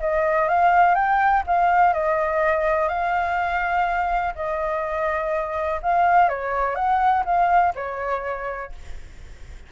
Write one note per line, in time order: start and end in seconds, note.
0.00 0.48 D#5
0.48 0.95 F5
0.95 1.43 G5
1.47 1.93 F5
1.93 2.88 D#5
2.88 4.34 F5
4.35 5.80 D#5
5.82 6.29 F5
6.29 6.75 C#5
6.75 7.24 F#5
7.25 7.74 F5
7.75 8.72 C#5